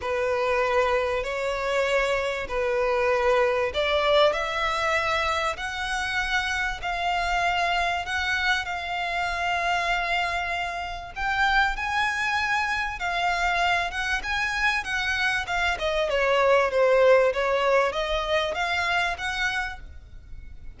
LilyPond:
\new Staff \with { instrumentName = "violin" } { \time 4/4 \tempo 4 = 97 b'2 cis''2 | b'2 d''4 e''4~ | e''4 fis''2 f''4~ | f''4 fis''4 f''2~ |
f''2 g''4 gis''4~ | gis''4 f''4. fis''8 gis''4 | fis''4 f''8 dis''8 cis''4 c''4 | cis''4 dis''4 f''4 fis''4 | }